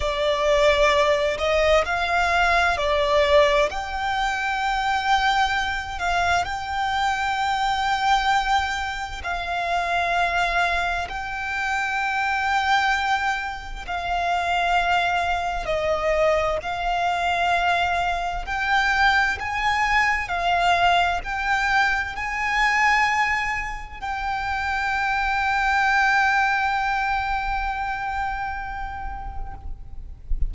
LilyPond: \new Staff \with { instrumentName = "violin" } { \time 4/4 \tempo 4 = 65 d''4. dis''8 f''4 d''4 | g''2~ g''8 f''8 g''4~ | g''2 f''2 | g''2. f''4~ |
f''4 dis''4 f''2 | g''4 gis''4 f''4 g''4 | gis''2 g''2~ | g''1 | }